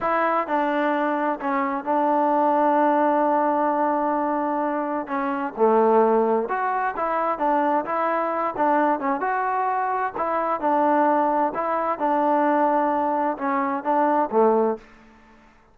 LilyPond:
\new Staff \with { instrumentName = "trombone" } { \time 4/4 \tempo 4 = 130 e'4 d'2 cis'4 | d'1~ | d'2. cis'4 | a2 fis'4 e'4 |
d'4 e'4. d'4 cis'8 | fis'2 e'4 d'4~ | d'4 e'4 d'2~ | d'4 cis'4 d'4 a4 | }